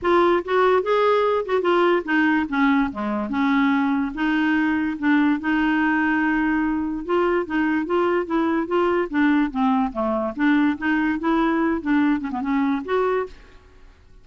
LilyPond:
\new Staff \with { instrumentName = "clarinet" } { \time 4/4 \tempo 4 = 145 f'4 fis'4 gis'4. fis'8 | f'4 dis'4 cis'4 gis4 | cis'2 dis'2 | d'4 dis'2.~ |
dis'4 f'4 dis'4 f'4 | e'4 f'4 d'4 c'4 | a4 d'4 dis'4 e'4~ | e'8 d'4 cis'16 b16 cis'4 fis'4 | }